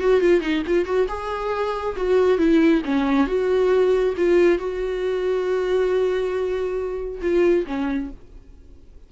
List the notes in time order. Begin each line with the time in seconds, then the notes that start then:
0.00 F#4
0.21 F4
0.41 D#4
0.67 F4
0.85 F#4
1.09 G#4
1.96 F#4
2.38 E4
2.85 C#4
3.27 F#4
4.17 F4
4.58 F#4
7.22 F4
7.67 C#4